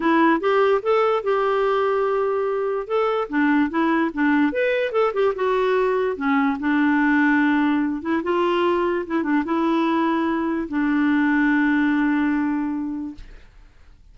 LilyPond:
\new Staff \with { instrumentName = "clarinet" } { \time 4/4 \tempo 4 = 146 e'4 g'4 a'4 g'4~ | g'2. a'4 | d'4 e'4 d'4 b'4 | a'8 g'8 fis'2 cis'4 |
d'2.~ d'8 e'8 | f'2 e'8 d'8 e'4~ | e'2 d'2~ | d'1 | }